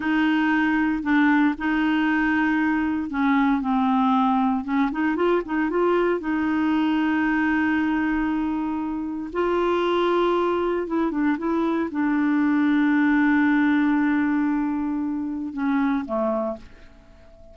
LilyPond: \new Staff \with { instrumentName = "clarinet" } { \time 4/4 \tempo 4 = 116 dis'2 d'4 dis'4~ | dis'2 cis'4 c'4~ | c'4 cis'8 dis'8 f'8 dis'8 f'4 | dis'1~ |
dis'2 f'2~ | f'4 e'8 d'8 e'4 d'4~ | d'1~ | d'2 cis'4 a4 | }